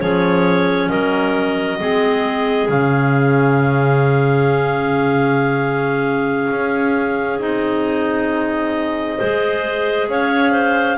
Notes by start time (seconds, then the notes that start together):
0.00 F3 C#4 G#4 C#5
0.89 F#3 A#4 D#5
1.79 G#3 C4 G#4
2.69 C#3 C#4 F5
6.51 C#4
7.39 C4 D#4 D#5
9.18 G#3 G#4 C5
10.08 C#4 C#5 F5
10.52 C5